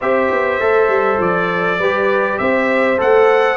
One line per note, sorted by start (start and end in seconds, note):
0.01 0.31 C4
0.01 0.60 G4
0.01 1.79 C5
0.01 1.20 E5
0.31 0.59 B3
0.59 0.88 A3
0.59 1.80 A4
0.88 1.18 G3
1.18 1.78 F3
1.18 2.38 D5
1.78 2.38 G3
1.78 2.97 G4
1.78 2.39 B4
2.38 3.00 C4
2.38 3.56 C5
2.38 2.98 E5
2.97 3.56 A3
2.97 3.56 A4
2.97 3.56 F#5